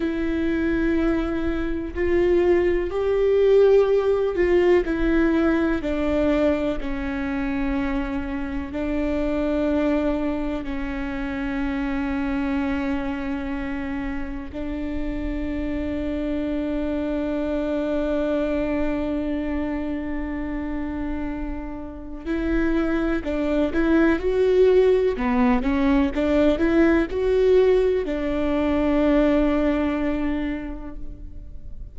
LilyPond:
\new Staff \with { instrumentName = "viola" } { \time 4/4 \tempo 4 = 62 e'2 f'4 g'4~ | g'8 f'8 e'4 d'4 cis'4~ | cis'4 d'2 cis'4~ | cis'2. d'4~ |
d'1~ | d'2. e'4 | d'8 e'8 fis'4 b8 cis'8 d'8 e'8 | fis'4 d'2. | }